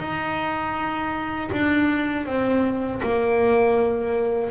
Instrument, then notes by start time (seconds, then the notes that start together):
double bass
0.00 D#4
1.52 D4
2.26 C4
3.03 A#3